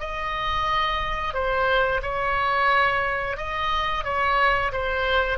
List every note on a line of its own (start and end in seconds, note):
0.00 1.34 D#5
1.34 2.01 C5
2.03 3.37 C#5
3.37 4.04 D#5
4.04 4.72 C#5
4.73 5.38 C5